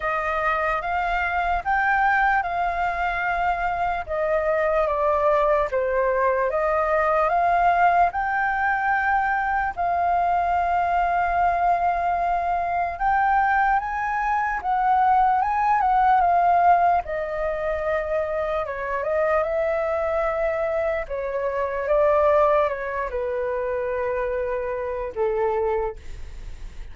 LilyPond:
\new Staff \with { instrumentName = "flute" } { \time 4/4 \tempo 4 = 74 dis''4 f''4 g''4 f''4~ | f''4 dis''4 d''4 c''4 | dis''4 f''4 g''2 | f''1 |
g''4 gis''4 fis''4 gis''8 fis''8 | f''4 dis''2 cis''8 dis''8 | e''2 cis''4 d''4 | cis''8 b'2~ b'8 a'4 | }